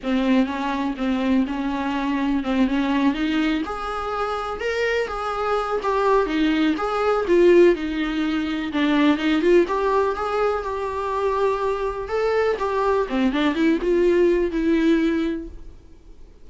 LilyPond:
\new Staff \with { instrumentName = "viola" } { \time 4/4 \tempo 4 = 124 c'4 cis'4 c'4 cis'4~ | cis'4 c'8 cis'4 dis'4 gis'8~ | gis'4. ais'4 gis'4. | g'4 dis'4 gis'4 f'4 |
dis'2 d'4 dis'8 f'8 | g'4 gis'4 g'2~ | g'4 a'4 g'4 c'8 d'8 | e'8 f'4. e'2 | }